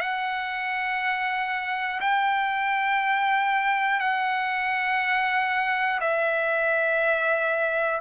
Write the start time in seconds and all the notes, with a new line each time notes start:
0.00 F#5
2.01 G5
4.00 F#5
6.01 E5